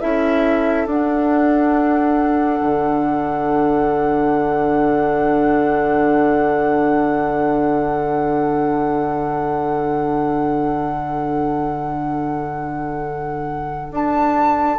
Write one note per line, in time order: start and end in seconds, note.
0.00 0.86 C#4
0.00 0.87 E4
0.00 14.78 A4
0.00 0.87 E5
0.86 2.60 D4
0.86 14.79 D4
0.86 13.93 F#5
2.61 13.91 D3
13.91 14.78 D4
13.91 14.79 A5